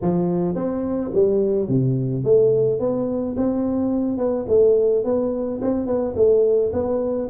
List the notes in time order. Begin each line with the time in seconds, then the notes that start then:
0.01 F3
0.55 C4
1.14 G3
1.68 C3
2.24 A3
2.79 B3
3.36 C4
4.17 B3
4.48 A3
5.04 B3
5.61 C4
5.86 B3
6.16 A3
6.72 B3